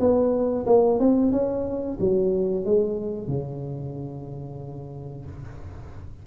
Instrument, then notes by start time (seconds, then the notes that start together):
tuba
0.00 B3
0.67 A#3
1.00 C4
1.32 C#4
2.00 F#3
2.65 G#3
3.28 C#3